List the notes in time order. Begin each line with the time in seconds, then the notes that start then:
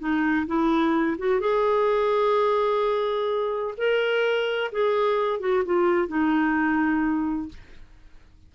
0.00 D#4
0.47 E4
1.19 F#4
1.41 G#4
3.78 A#4
4.72 G#4
5.41 F#4
5.66 F4
6.09 D#4